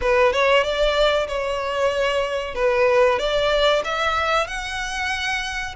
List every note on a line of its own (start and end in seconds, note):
0.01 0.32 B4
0.32 0.63 C#5
0.63 1.27 D5
1.27 2.54 C#5
2.54 3.18 B4
3.18 3.82 D5
3.84 4.47 E5
4.47 5.74 F#5